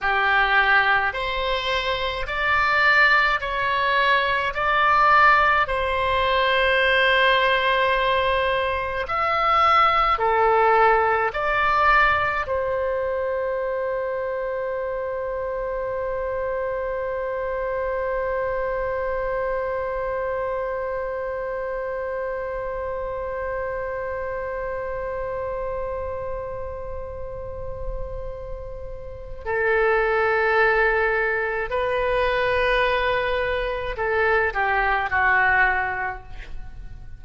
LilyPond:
\new Staff \with { instrumentName = "oboe" } { \time 4/4 \tempo 4 = 53 g'4 c''4 d''4 cis''4 | d''4 c''2. | e''4 a'4 d''4 c''4~ | c''1~ |
c''1~ | c''1~ | c''2 a'2 | b'2 a'8 g'8 fis'4 | }